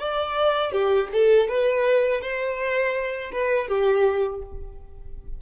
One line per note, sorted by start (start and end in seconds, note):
0.00 0.73 D5
0.73 1.09 G4
1.13 1.49 A4
1.49 2.22 B4
2.22 3.32 C5
3.33 3.69 B4
3.69 4.42 G4